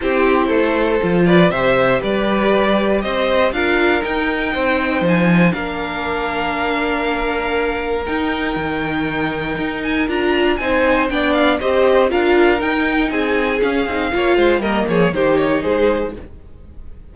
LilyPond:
<<
  \new Staff \with { instrumentName = "violin" } { \time 4/4 \tempo 4 = 119 c''2~ c''8 d''8 e''4 | d''2 dis''4 f''4 | g''2 gis''4 f''4~ | f''1 |
g''2.~ g''8 gis''8 | ais''4 gis''4 g''8 f''8 dis''4 | f''4 g''4 gis''4 f''4~ | f''4 dis''8 cis''8 c''8 cis''8 c''4 | }
  \new Staff \with { instrumentName = "violin" } { \time 4/4 g'4 a'4. b'8 c''4 | b'2 c''4 ais'4~ | ais'4 c''2 ais'4~ | ais'1~ |
ais'1~ | ais'4 c''4 d''4 c''4 | ais'2 gis'2 | cis''8 c''8 ais'8 gis'8 g'4 gis'4 | }
  \new Staff \with { instrumentName = "viola" } { \time 4/4 e'2 f'4 g'4~ | g'2. f'4 | dis'2. d'4~ | d'1 |
dis'1 | f'4 dis'4 d'4 g'4 | f'4 dis'2 cis'8 dis'8 | f'4 ais4 dis'2 | }
  \new Staff \with { instrumentName = "cello" } { \time 4/4 c'4 a4 f4 c4 | g2 c'4 d'4 | dis'4 c'4 f4 ais4~ | ais1 |
dis'4 dis2 dis'4 | d'4 c'4 b4 c'4 | d'4 dis'4 c'4 cis'8 c'8 | ais8 gis8 g8 f8 dis4 gis4 | }
>>